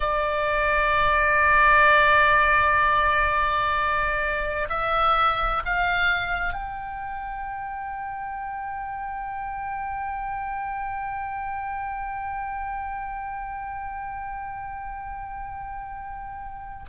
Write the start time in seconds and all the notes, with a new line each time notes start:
0.00 D5
4.69 E5
5.65 F5
6.53 G5